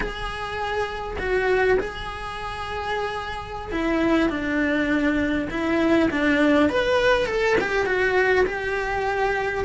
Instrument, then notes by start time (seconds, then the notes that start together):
cello
0.00 G#4
1.18 F#4
1.79 G#4
3.71 E4
4.29 D4
5.50 E4
6.10 D4
6.69 B4
7.26 A4
7.60 G4
7.86 F#4
8.46 G4